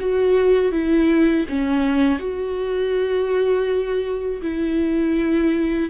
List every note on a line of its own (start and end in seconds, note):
0.00 0.72 F#4
0.72 1.46 E4
1.49 2.19 C#4
2.19 4.41 F#4
4.42 5.90 E4